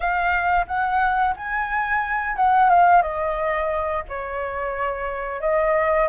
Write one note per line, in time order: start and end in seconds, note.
0.00 0.66 F5
0.67 1.35 F#5
1.36 2.36 G#5
2.36 2.69 F#5
2.69 3.02 F5
3.02 4.03 D#5
4.08 5.41 C#5
5.41 6.08 D#5